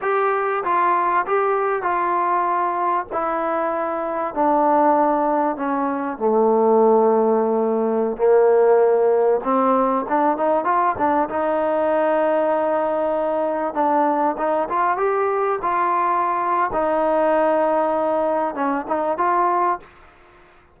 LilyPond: \new Staff \with { instrumentName = "trombone" } { \time 4/4 \tempo 4 = 97 g'4 f'4 g'4 f'4~ | f'4 e'2 d'4~ | d'4 cis'4 a2~ | a4~ a16 ais2 c'8.~ |
c'16 d'8 dis'8 f'8 d'8 dis'4.~ dis'16~ | dis'2~ dis'16 d'4 dis'8 f'16~ | f'16 g'4 f'4.~ f'16 dis'4~ | dis'2 cis'8 dis'8 f'4 | }